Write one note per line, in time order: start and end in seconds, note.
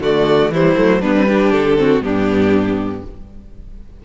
0.00 0.50 D3
0.00 0.53 A3
0.00 0.52 F#4
0.00 0.53 D5
0.50 0.75 E3
0.50 0.76 G3
0.50 1.01 E4
0.50 1.02 C5
0.76 1.03 F#3
0.76 1.01 A3
1.01 1.53 G3
1.01 1.16 B3
1.01 1.26 D4
1.01 1.52 B4
1.16 1.28 C4
1.28 1.77 D4
1.28 1.79 G4
1.52 2.01 D3
1.52 2.03 A4
1.77 2.02 C4
1.77 2.05 F#4
2.01 3.02 G2
2.01 3.03 B3
2.01 3.06 D4
2.01 3.04 G4